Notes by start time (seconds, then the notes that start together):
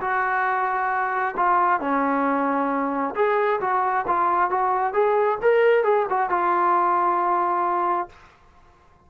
0.00 F#4
1.36 F4
1.80 C#4
3.15 G#4
3.60 F#4
4.07 F4
4.50 F#4
4.93 G#4
5.41 A#4
5.84 G#4
6.09 F#4
6.30 F4